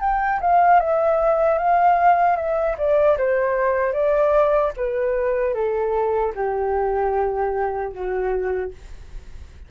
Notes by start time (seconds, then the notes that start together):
0.00 G5
0.40 F5
0.80 E5
1.58 F5
2.36 E5
2.77 D5
3.18 C5
3.93 D5
4.76 B4
5.54 A4
6.35 G4
7.92 F#4